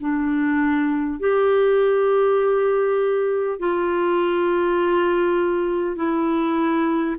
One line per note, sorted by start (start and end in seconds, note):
0.00 1.19 D4
1.19 3.59 G4
3.59 5.96 F4
5.96 7.16 E4